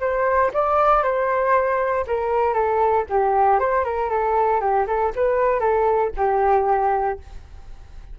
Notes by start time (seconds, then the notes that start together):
0.00 C5
0.53 D5
1.03 C5
2.07 A#4
2.54 A4
3.09 G4
3.59 C5
3.84 A#4
4.09 A4
4.60 G4
4.87 A4
5.15 B4
5.60 A4
6.16 G4